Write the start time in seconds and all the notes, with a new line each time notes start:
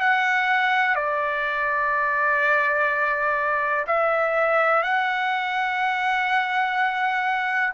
0.00 F#5
0.95 D5
3.87 E5
4.83 F#5